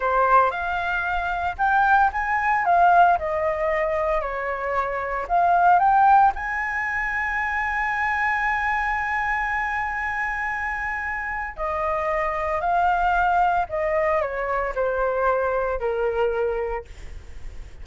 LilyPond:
\new Staff \with { instrumentName = "flute" } { \time 4/4 \tempo 4 = 114 c''4 f''2 g''4 | gis''4 f''4 dis''2 | cis''2 f''4 g''4 | gis''1~ |
gis''1~ | gis''2 dis''2 | f''2 dis''4 cis''4 | c''2 ais'2 | }